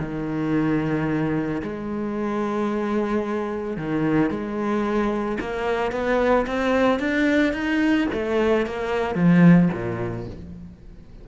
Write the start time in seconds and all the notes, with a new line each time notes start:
0.00 D#3
1.63 G#3
3.77 D#3
4.30 G#3
5.41 A#3
5.92 B3
6.47 C4
7.00 D4
7.53 D#4
8.13 A3
8.66 A#3
9.15 F3
9.73 A#2